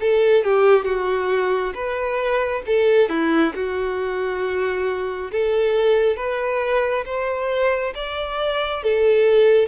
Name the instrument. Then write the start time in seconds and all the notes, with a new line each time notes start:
violin
0.00 A4
0.44 G4
0.85 F#4
1.74 B4
2.66 A4
3.08 E4
3.54 F#4
5.31 A4
6.16 B4
7.05 C5
7.95 D5
8.83 A4